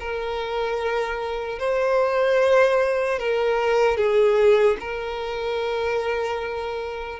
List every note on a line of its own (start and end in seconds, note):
0.00 1.60 A#4
1.60 3.20 C5
3.20 3.97 A#4
3.97 4.77 G#4
4.80 7.20 A#4